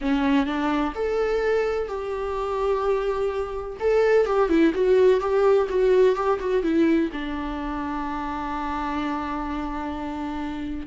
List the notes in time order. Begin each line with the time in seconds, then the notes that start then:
0.01 C#4
0.46 D4
0.94 A4
1.88 G4
3.79 A4
4.26 G4
4.49 E4
4.74 F#4
5.20 G4
5.69 F#4
6.15 G4
6.39 F#4
6.62 E4
7.12 D4